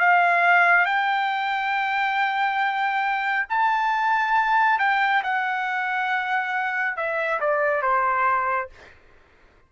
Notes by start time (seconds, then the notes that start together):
0.00 F5
0.86 G5
3.50 A5
4.79 G5
5.24 F#5
6.97 E5
7.40 D5
7.83 C5